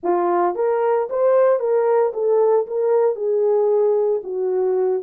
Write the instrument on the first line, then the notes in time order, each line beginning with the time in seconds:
horn
0.03 F4
0.55 A#4
1.09 C5
1.59 A#4
2.13 A4
2.67 A#4
3.15 G#4
4.23 F#4